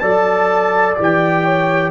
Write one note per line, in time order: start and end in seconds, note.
0.00 0.97 F#3
0.00 0.97 A4
0.00 1.44 D5
0.00 0.95 A5
0.97 1.90 E3
0.97 1.90 G4
0.97 1.90 G5
1.44 1.90 C#5